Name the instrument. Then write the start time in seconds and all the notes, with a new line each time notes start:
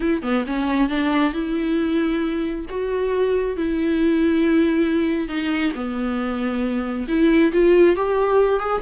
viola
0.00 E4
0.22 B3
0.46 C#4
0.89 D4
1.33 E4
2.69 F#4
3.56 E4
5.28 D#4
5.74 B3
7.07 E4
7.52 F4
7.96 G4
8.59 G#4